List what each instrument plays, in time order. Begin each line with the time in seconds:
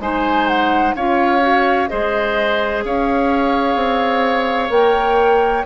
0.00 bassoon G#3, clarinet D#4, oboe C5, flute G#5
0.48 flute F#5
0.96 bassoon C#4, clarinet F4, oboe C#5, flute F5
1.41 clarinet F#4
1.89 bassoon G#3, clarinet G#4, oboe C5, flute D#5
2.85 bassoon C#4, oboe C#5, flute F5
3.75 bassoon C4
4.70 bassoon A#3, clarinet A#4, flute G5